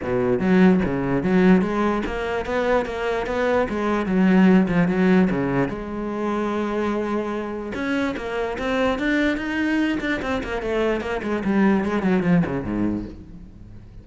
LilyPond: \new Staff \with { instrumentName = "cello" } { \time 4/4 \tempo 4 = 147 b,4 fis4 cis4 fis4 | gis4 ais4 b4 ais4 | b4 gis4 fis4. f8 | fis4 cis4 gis2~ |
gis2. cis'4 | ais4 c'4 d'4 dis'4~ | dis'8 d'8 c'8 ais8 a4 ais8 gis8 | g4 gis8 fis8 f8 cis8 gis,4 | }